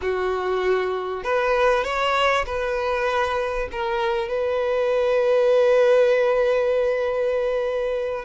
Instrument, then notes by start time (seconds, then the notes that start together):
violin
0.01 F#4
1.23 B4
1.84 C#5
2.45 B4
3.71 A#4
4.28 B4